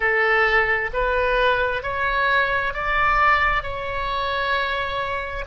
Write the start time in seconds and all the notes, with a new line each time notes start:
0.00 A4
0.93 B4
1.82 C#5
2.73 D5
3.62 C#5